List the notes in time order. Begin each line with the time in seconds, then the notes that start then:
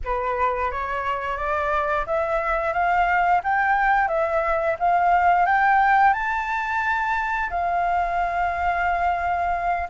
0.04 B4
0.71 C#5
1.37 D5
2.06 E5
2.73 F5
3.43 G5
4.08 E5
4.79 F5
5.46 G5
6.13 A5
7.49 F5